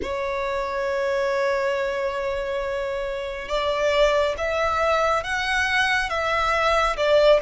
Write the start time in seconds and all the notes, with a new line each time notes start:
0.02 C#5
3.48 D5
4.37 E5
5.23 F#5
6.09 E5
6.96 D5